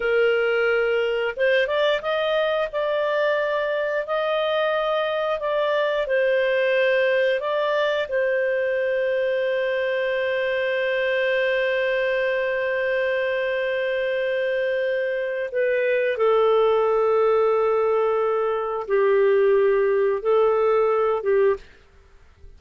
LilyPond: \new Staff \with { instrumentName = "clarinet" } { \time 4/4 \tempo 4 = 89 ais'2 c''8 d''8 dis''4 | d''2 dis''2 | d''4 c''2 d''4 | c''1~ |
c''1~ | c''2. b'4 | a'1 | g'2 a'4. g'8 | }